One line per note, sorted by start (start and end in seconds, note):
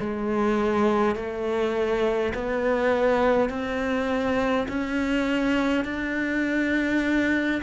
0.00 1.16 G#3
1.16 2.34 A3
2.34 3.50 B3
3.50 4.67 C4
4.68 5.85 C#4
5.85 7.61 D4